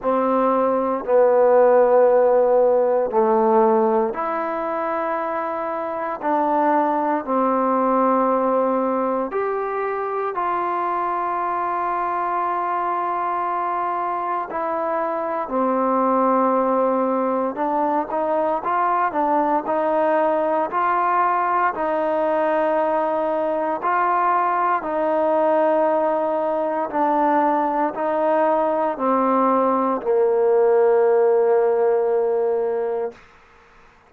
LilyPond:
\new Staff \with { instrumentName = "trombone" } { \time 4/4 \tempo 4 = 58 c'4 b2 a4 | e'2 d'4 c'4~ | c'4 g'4 f'2~ | f'2 e'4 c'4~ |
c'4 d'8 dis'8 f'8 d'8 dis'4 | f'4 dis'2 f'4 | dis'2 d'4 dis'4 | c'4 ais2. | }